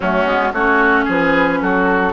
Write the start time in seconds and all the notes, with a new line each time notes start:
0.00 F#3 A3 C#4 F#4
0.25 G#3 B3
0.52 A3 C#4 F#4 C#5
1.05 F3 G#4 B4
1.61 F#3 F#4 A4